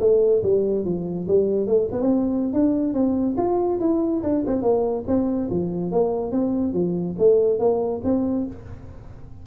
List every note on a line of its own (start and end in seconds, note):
0.00 0.42 A3
0.43 0.85 G3
0.85 1.27 F3
1.28 1.67 G3
1.67 1.88 A3
1.92 2.01 B3
2.01 2.53 C4
2.53 2.93 D4
2.93 3.36 C4
3.37 3.80 F4
3.80 4.22 E4
4.23 4.44 D4
4.46 4.62 C4
4.62 5.04 A#3
5.07 5.49 C4
5.50 5.92 F3
5.92 6.32 A#3
6.32 6.73 C4
6.73 7.16 F3
7.18 7.59 A3
7.59 8.01 A#3
8.04 8.46 C4